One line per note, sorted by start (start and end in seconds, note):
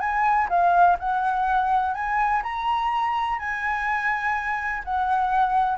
0.00 0.48 G#5
0.49 0.97 F5
0.99 1.94 F#5
1.94 2.42 G#5
2.43 3.39 A#5
3.39 4.83 G#5
4.84 5.78 F#5